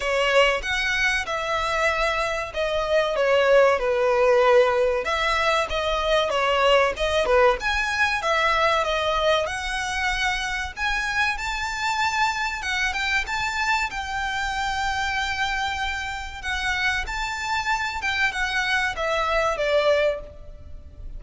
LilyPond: \new Staff \with { instrumentName = "violin" } { \time 4/4 \tempo 4 = 95 cis''4 fis''4 e''2 | dis''4 cis''4 b'2 | e''4 dis''4 cis''4 dis''8 b'8 | gis''4 e''4 dis''4 fis''4~ |
fis''4 gis''4 a''2 | fis''8 g''8 a''4 g''2~ | g''2 fis''4 a''4~ | a''8 g''8 fis''4 e''4 d''4 | }